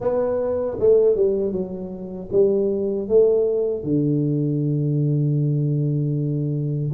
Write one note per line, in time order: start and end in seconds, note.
0.00 0.77 B3
0.79 1.16 A3
1.16 1.52 G3
1.52 2.29 F#3
2.32 3.08 G3
3.08 3.83 A3
3.83 6.91 D3